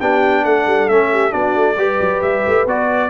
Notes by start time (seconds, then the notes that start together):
0.00 B3 D4 G4 G5
0.45 A3 A4 F#5
0.67 G3
0.89 A3 C#4 E5
1.13 G4
1.31 B3 D4 F#4 D5
1.56 A3
1.77 G3 G4 B4
2.00 F#3
2.22 G3 E5
2.47 A3
2.67 B3 F#4 D5